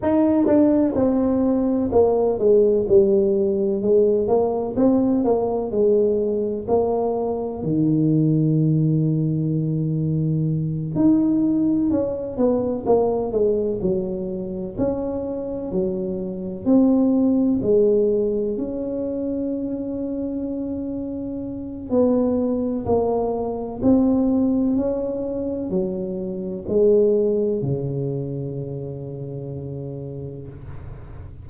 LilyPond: \new Staff \with { instrumentName = "tuba" } { \time 4/4 \tempo 4 = 63 dis'8 d'8 c'4 ais8 gis8 g4 | gis8 ais8 c'8 ais8 gis4 ais4 | dis2.~ dis8 dis'8~ | dis'8 cis'8 b8 ais8 gis8 fis4 cis'8~ |
cis'8 fis4 c'4 gis4 cis'8~ | cis'2. b4 | ais4 c'4 cis'4 fis4 | gis4 cis2. | }